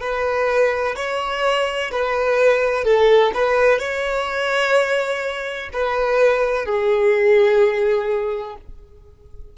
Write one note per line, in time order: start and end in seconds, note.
0.00 0.95 B4
0.96 1.91 C#5
1.91 2.84 B4
2.84 3.31 A4
3.34 3.79 B4
3.79 5.69 C#5
5.73 6.65 B4
6.65 8.56 G#4